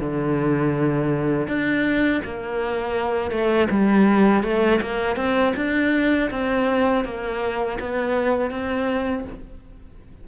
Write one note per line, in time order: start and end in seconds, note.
0.00 1.47 D3
1.47 2.21 D4
2.24 3.31 A#3
3.31 3.68 A3
3.70 4.43 G3
4.43 4.80 A3
4.81 5.16 A#3
5.16 5.53 C4
5.56 6.30 D4
6.30 7.04 C4
7.04 7.78 A#3
7.80 8.51 B3
8.51 9.25 C4